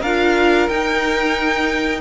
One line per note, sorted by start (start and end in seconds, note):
0.00 0.68 D4
0.00 0.71 F4
0.00 2.00 A#4
0.00 0.69 F5
0.69 2.01 D#4
0.69 2.01 G5